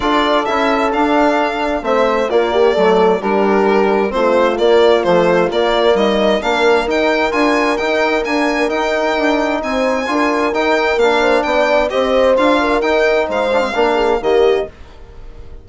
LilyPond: <<
  \new Staff \with { instrumentName = "violin" } { \time 4/4 \tempo 4 = 131 d''4 e''4 f''2 | e''4 d''2 ais'4~ | ais'4 c''4 d''4 c''4 | d''4 dis''4 f''4 g''4 |
gis''4 g''4 gis''4 g''4~ | g''4 gis''2 g''4 | f''4 g''4 dis''4 f''4 | g''4 f''2 dis''4 | }
  \new Staff \with { instrumentName = "horn" } { \time 4/4 a'1 | c''4 f'8 g'8 a'4 g'4~ | g'4 f'2.~ | f'4 dis'4 ais'2~ |
ais'1~ | ais'4 c''4 ais'2~ | ais'8 c''8 d''4 c''4. ais'8~ | ais'4 c''4 ais'8 gis'8 g'4 | }
  \new Staff \with { instrumentName = "trombone" } { \time 4/4 f'4 e'4 d'2 | c'4 ais4 a4 d'4~ | d'4 c'4 ais4 f4 | ais2 d'4 dis'4 |
f'4 dis'4 ais4 dis'4~ | dis'2 f'4 dis'4 | d'2 g'4 f'4 | dis'4. d'16 c'16 d'4 ais4 | }
  \new Staff \with { instrumentName = "bassoon" } { \time 4/4 d'4 cis'4 d'2 | a4 ais4 fis4 g4~ | g4 a4 ais4 a4 | ais4 g4 ais4 dis'4 |
d'4 dis'4 d'4 dis'4 | d'4 c'4 d'4 dis'4 | ais4 b4 c'4 d'4 | dis'4 gis4 ais4 dis4 | }
>>